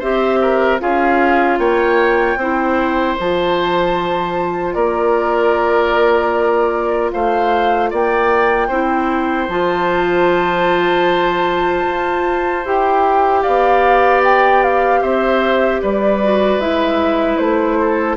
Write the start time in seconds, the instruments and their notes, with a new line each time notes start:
0.00 bassoon C4, clarinet G4, oboe C5, flute E5
0.42 oboe A#4
0.80 bassoon C#4, clarinet F4, oboe G#4, flute F5
1.59 bassoon A#3, oboe C#5, flute G5
2.37 bassoon C4, clarinet E4, oboe C5
3.18 bassoon F3, clarinet F4, flute A5
4.74 bassoon A#3, oboe A#4, flute D5
7.12 bassoon A3, oboe C5, flute F5
7.91 bassoon A#3, oboe D5, flute G5
8.68 bassoon C4, clarinet E4, oboe C5
9.49 bassoon F3, clarinet F4, flute A5
11.87 bassoon F4
12.65 bassoon E4, clarinet G4, flute G5
13.43 bassoon B3, oboe D5, flute F5
14.24 flute G5
14.63 flute F5
15.02 bassoon C4, oboe C5, flute E5
15.82 bassoon G3, oboe B4, flute D5
16.24 clarinet F#4
16.58 bassoon G#3, clarinet E4, flute E5
17.38 bassoon A3, flute C5
17.81 oboe A4